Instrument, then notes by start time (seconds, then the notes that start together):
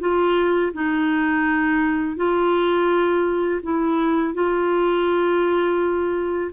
clarinet
0.00 F4
0.73 D#4
2.16 F4
3.63 E4
4.34 F4